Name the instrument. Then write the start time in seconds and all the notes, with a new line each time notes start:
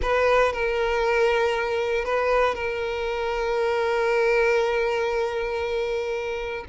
violin
0.02 B4
0.52 A#4
2.04 B4
2.54 A#4